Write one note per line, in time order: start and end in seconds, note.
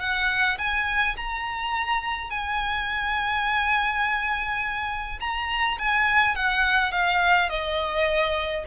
0.00 0.58 F#5
0.58 1.16 G#5
1.16 2.30 A#5
2.30 5.19 G#5
5.20 5.78 A#5
5.78 6.35 G#5
6.35 6.92 F#5
6.92 7.49 F5
7.49 8.65 D#5